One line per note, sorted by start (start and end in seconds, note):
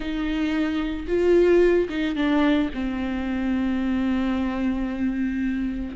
0.00 1.06 D#4
1.07 1.88 F4
1.89 2.15 D#4
2.15 2.69 D4
2.73 5.96 C4